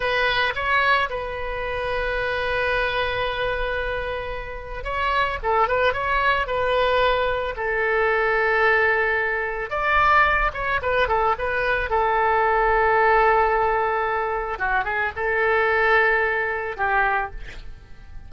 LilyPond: \new Staff \with { instrumentName = "oboe" } { \time 4/4 \tempo 4 = 111 b'4 cis''4 b'2~ | b'1~ | b'4 cis''4 a'8 b'8 cis''4 | b'2 a'2~ |
a'2 d''4. cis''8 | b'8 a'8 b'4 a'2~ | a'2. fis'8 gis'8 | a'2. g'4 | }